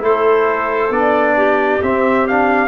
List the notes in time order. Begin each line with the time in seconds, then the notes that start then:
0.00 A3 E4 A4 C5
0.90 B3 D4 D5
1.36 G4
1.82 C4 E5
2.27 D4 F5